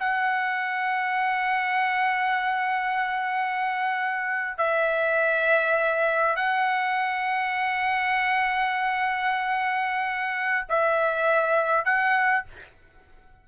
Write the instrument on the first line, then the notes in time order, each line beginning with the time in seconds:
trumpet
0.00 F#5
4.58 E5
6.36 F#5
10.69 E5
11.85 F#5